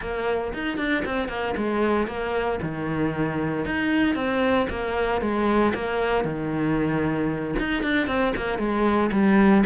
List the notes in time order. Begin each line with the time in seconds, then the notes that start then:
0.01 A#3
0.53 D#4
0.77 D4
1.05 C4
1.28 A#3
1.57 G#3
2.07 A#3
2.61 D#3
3.65 D#4
4.15 C4
4.69 A#3
5.21 G#3
5.74 A#3
6.24 D#3
7.59 D#4
7.82 D4
8.07 C4
8.36 A#3
8.58 G#3
9.12 G3